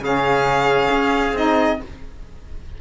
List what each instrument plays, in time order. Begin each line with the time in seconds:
0.00 cello C#3, saxophone C#4, trumpet G#4, violin F5
0.92 cello C#4
1.32 cello C4, saxophone D#4, violin D#5